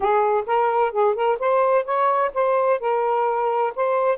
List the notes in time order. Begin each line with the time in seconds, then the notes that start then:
0.00 G#4
0.46 A#4
0.92 G#4
1.15 A#4
1.39 C5
1.84 C#5
2.34 C5
2.80 A#4
3.75 C5